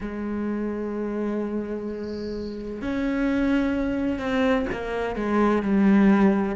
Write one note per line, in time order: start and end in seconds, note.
0.00 2.81 G#3
2.81 4.19 C#4
4.19 4.66 C4
4.72 5.15 A#3
5.15 5.62 G#3
5.62 6.55 G3